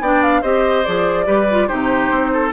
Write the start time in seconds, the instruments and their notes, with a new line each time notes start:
0.00 bassoon B3, clarinet D4, oboe D5, flute G5
0.22 flute F5
0.41 bassoon C4, clarinet G4, oboe C5, flute D#5
0.85 bassoon F3, clarinet G#4, flute D5
1.25 bassoon G3, clarinet G4, oboe B4
1.50 clarinet F4
1.67 bassoon C3, clarinet D#4, oboe G4, flute C5
2.10 bassoon C4
2.32 oboe A4